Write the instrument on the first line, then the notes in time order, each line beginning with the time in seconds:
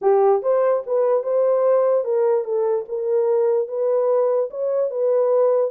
horn
0.01 G4
0.42 C5
0.86 B4
1.23 C5
2.04 A#4
2.44 A4
2.88 A#4
3.68 B4
4.50 C#5
4.90 B4